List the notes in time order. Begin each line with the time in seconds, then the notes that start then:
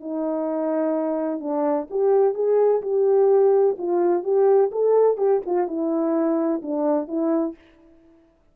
0.00 D#4
1.39 D4
1.90 G4
2.34 G#4
2.81 G4
3.78 F4
4.23 G4
4.71 A4
5.17 G4
5.45 F4
5.67 E4
6.62 D4
7.08 E4